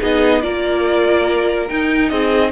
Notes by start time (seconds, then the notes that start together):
0.00 B3 D#4 G#4 D#5
0.42 A#3 F4 A#4 D5
1.69 D#4 G5
2.09 C4 G#4 D#5